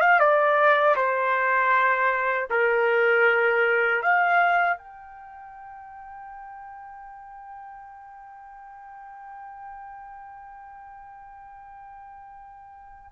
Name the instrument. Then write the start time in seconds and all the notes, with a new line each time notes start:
trumpet
0.00 F5
0.19 D5
0.96 C5
2.50 A#4
4.01 F5
4.77 G5